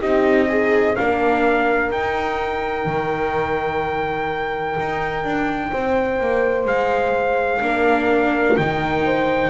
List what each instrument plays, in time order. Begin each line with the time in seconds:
0.00 double bass C4, viola D#4, horn G4, trumpet D#5
0.49 horn D#4, viola G#4
0.96 double bass A#3, viola D4, horn A#4, trumpet F5
1.91 double bass D#4, viola D#4, trumpet G5
2.86 double bass D#3
4.80 double bass D#4
5.24 double bass D4
5.71 double bass C4, horn C5
6.21 double bass A#3
6.66 double bass G#3, trumpet F5
7.62 double bass A#3, viola D4, horn A#4
8.57 double bass D#3, viola D#4, trumpet G5
9.05 horn C5